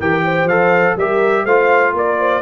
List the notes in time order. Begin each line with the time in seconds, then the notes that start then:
0.00 E3 G4 A#4 G5
0.25 C5
0.45 F3 A4 F5
0.96 G3 G4 A#4 E5
1.44 A3 F4 C5 F5
1.94 A#3 A#4 D5
2.19 C5